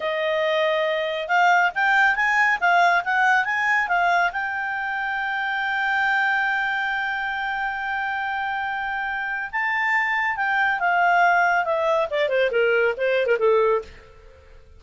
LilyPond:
\new Staff \with { instrumentName = "clarinet" } { \time 4/4 \tempo 4 = 139 dis''2. f''4 | g''4 gis''4 f''4 fis''4 | gis''4 f''4 g''2~ | g''1~ |
g''1~ | g''2 a''2 | g''4 f''2 e''4 | d''8 c''8 ais'4 c''8. ais'16 a'4 | }